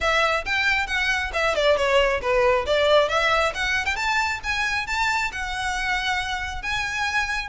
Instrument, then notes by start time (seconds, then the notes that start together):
violin
0.00 E5
0.45 G5
0.87 F#5
1.33 E5
1.55 D5
1.76 C#5
2.21 B4
2.66 D5
3.08 E5
3.54 F#5
3.85 G5
3.96 A5
4.43 G#5
4.86 A5
5.31 F#5
6.62 G#5